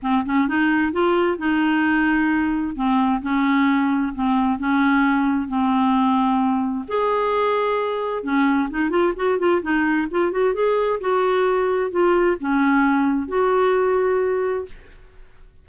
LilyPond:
\new Staff \with { instrumentName = "clarinet" } { \time 4/4 \tempo 4 = 131 c'8 cis'8 dis'4 f'4 dis'4~ | dis'2 c'4 cis'4~ | cis'4 c'4 cis'2 | c'2. gis'4~ |
gis'2 cis'4 dis'8 f'8 | fis'8 f'8 dis'4 f'8 fis'8 gis'4 | fis'2 f'4 cis'4~ | cis'4 fis'2. | }